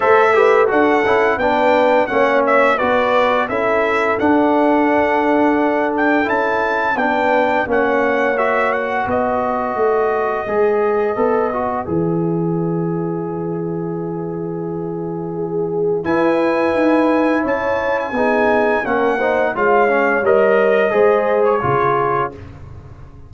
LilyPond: <<
  \new Staff \with { instrumentName = "trumpet" } { \time 4/4 \tempo 4 = 86 e''4 fis''4 g''4 fis''8 e''8 | d''4 e''4 fis''2~ | fis''8 g''8 a''4 g''4 fis''4 | e''8 fis''8 dis''2.~ |
dis''4 e''2.~ | e''2. gis''4~ | gis''4 a''8. gis''4~ gis''16 fis''4 | f''4 dis''4.~ dis''16 cis''4~ cis''16 | }
  \new Staff \with { instrumentName = "horn" } { \time 4/4 c''8 b'8 a'4 b'4 cis''4 | b'4 a'2.~ | a'2 b'4 cis''4~ | cis''4 b'2.~ |
b'1~ | b'2 gis'4 b'4~ | b'4 cis''4 gis'4 ais'8 c''8 | cis''2 c''4 gis'4 | }
  \new Staff \with { instrumentName = "trombone" } { \time 4/4 a'8 g'8 fis'8 e'8 d'4 cis'4 | fis'4 e'4 d'2~ | d'4 e'4 d'4 cis'4 | fis'2. gis'4 |
a'8 fis'8 gis'2.~ | gis'2. e'4~ | e'2 dis'4 cis'8 dis'8 | f'8 cis'8 ais'4 gis'4 f'4 | }
  \new Staff \with { instrumentName = "tuba" } { \time 4/4 a4 d'8 cis'8 b4 ais4 | b4 cis'4 d'2~ | d'4 cis'4 b4 ais4~ | ais4 b4 a4 gis4 |
b4 e2.~ | e2. e'4 | dis'4 cis'4 b4 ais4 | gis4 g4 gis4 cis4 | }
>>